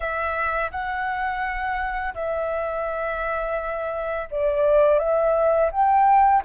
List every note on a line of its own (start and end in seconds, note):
0.00 0.70 E5
0.71 2.14 F#5
2.14 4.28 E5
4.31 4.98 D5
4.98 5.70 E5
5.71 6.43 G5